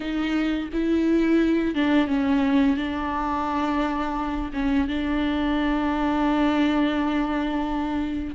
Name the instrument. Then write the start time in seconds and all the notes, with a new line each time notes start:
viola
0.00 D#4
0.72 E4
1.74 D4
2.07 C#4
2.77 D4
4.53 C#4
4.87 D4